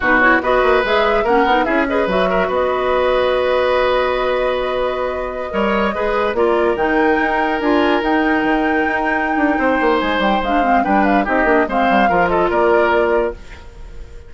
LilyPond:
<<
  \new Staff \with { instrumentName = "flute" } { \time 4/4 \tempo 4 = 144 b'8 cis''8 dis''4 e''4 fis''4 | e''8 dis''8 e''4 dis''2~ | dis''1~ | dis''2.~ dis''16 d''8.~ |
d''16 g''2 gis''4 g''8.~ | g''1 | gis''8 g''8 f''4 g''8 f''8 dis''4 | f''4. dis''8 d''2 | }
  \new Staff \with { instrumentName = "oboe" } { \time 4/4 fis'4 b'2 ais'4 | gis'8 b'4 ais'8 b'2~ | b'1~ | b'4~ b'16 cis''4 b'4 ais'8.~ |
ais'1~ | ais'2. c''4~ | c''2 b'4 g'4 | c''4 ais'8 a'8 ais'2 | }
  \new Staff \with { instrumentName = "clarinet" } { \time 4/4 dis'8 e'8 fis'4 gis'4 cis'8 dis'8 | e'8 gis'8 fis'2.~ | fis'1~ | fis'4~ fis'16 ais'4 gis'4 f'8.~ |
f'16 dis'2 f'4 dis'8.~ | dis'1~ | dis'4 d'8 c'8 d'4 dis'8 d'8 | c'4 f'2. | }
  \new Staff \with { instrumentName = "bassoon" } { \time 4/4 b,4 b8 ais8 gis4 ais8 b8 | cis'4 fis4 b2~ | b1~ | b4~ b16 g4 gis4 ais8.~ |
ais16 dis4 dis'4 d'4 dis'8.~ | dis'16 dis4 dis'4~ dis'16 d'8 c'8 ais8 | gis8 g8 gis4 g4 c'8 ais8 | gis8 g8 f4 ais2 | }
>>